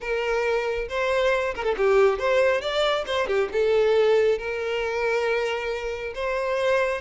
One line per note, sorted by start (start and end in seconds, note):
0.00 0.88 A#4
0.88 1.54 C5
1.54 1.64 A#4
1.64 1.75 A4
1.77 2.18 G4
2.18 2.61 C5
2.61 3.04 D5
3.06 3.27 C5
3.27 3.49 G4
3.52 4.38 A4
4.38 6.13 A#4
6.15 7.01 C5